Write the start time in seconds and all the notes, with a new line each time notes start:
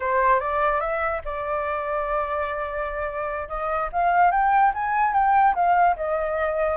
0.00 C5
0.39 D5
0.80 E5
1.25 D5
3.48 D#5
3.92 F5
4.31 G5
4.74 G#5
5.13 G5
5.54 F5
5.96 D#5